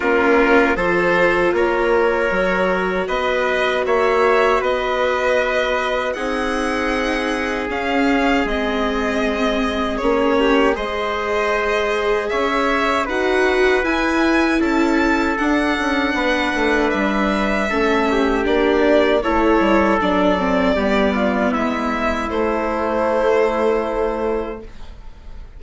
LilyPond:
<<
  \new Staff \with { instrumentName = "violin" } { \time 4/4 \tempo 4 = 78 ais'4 c''4 cis''2 | dis''4 e''4 dis''2 | fis''2 f''4 dis''4~ | dis''4 cis''4 dis''2 |
e''4 fis''4 gis''4 a''4 | fis''2 e''2 | d''4 cis''4 d''2 | e''4 c''2. | }
  \new Staff \with { instrumentName = "trumpet" } { \time 4/4 f'4 a'4 ais'2 | b'4 cis''4 b'2 | gis'1~ | gis'4. g'8 c''2 |
cis''4 b'2 a'4~ | a'4 b'2 a'8 g'8~ | g'4 a'2 g'8 f'8 | e'1 | }
  \new Staff \with { instrumentName = "viola" } { \time 4/4 cis'4 f'2 fis'4~ | fis'1 | dis'2 cis'4 c'4~ | c'4 cis'4 gis'2~ |
gis'4 fis'4 e'2 | d'2. cis'4 | d'4 e'4 d'8 c'8 b4~ | b4 a2. | }
  \new Staff \with { instrumentName = "bassoon" } { \time 4/4 ais4 f4 ais4 fis4 | b4 ais4 b2 | c'2 cis'4 gis4~ | gis4 ais4 gis2 |
cis'4 dis'4 e'4 cis'4 | d'8 cis'8 b8 a8 g4 a4 | ais4 a8 g8 fis4 g4 | gis4 a2. | }
>>